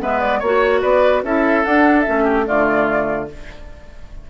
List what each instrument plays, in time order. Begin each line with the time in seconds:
0.00 bassoon G#3, clarinet B3, oboe B4, flute E5
0.20 flute D5
0.39 bassoon A#3, clarinet F#4, oboe C#5, flute C#5
0.81 bassoon B3, oboe B4, flute D5
1.23 bassoon C#4, clarinet E4, oboe A4, flute E5
1.64 clarinet D4, bassoon D4, flute F#5
2.00 clarinet C#4, flute E5
2.07 bassoon A3
2.23 oboe G4
2.45 bassoon D3, clarinet A3, oboe F4, flute D5